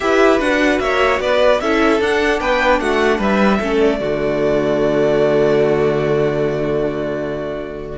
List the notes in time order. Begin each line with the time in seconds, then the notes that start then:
0.00 E4 G4 B4 E5
0.39 D4 F#4 F#5
0.79 A#3 C#5 E5
1.19 B3 B4 D5
1.60 C#4 E4 A4 E5
2.00 D4 F#5
2.40 B3 B4 G5
2.79 A3 F#4 F#5
3.18 G3 B4 E5
3.59 A3 C#4 A4
3.80 D5
3.99 D3 A3 F#4